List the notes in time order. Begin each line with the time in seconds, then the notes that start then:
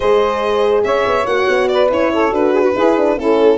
0.00 G#3 G#4 C5 D#5
0.84 C#4 C#5 E5
1.06 B3
1.25 A#3 F#4 F#5
1.48 B3
1.68 B4 D5
1.89 C#4 E4 C#5
2.12 A4
2.29 D4 F#4 B4
2.53 G#4
2.62 F#4
2.74 E4 G#4
2.96 D4
3.17 A3 C#4 E4 A4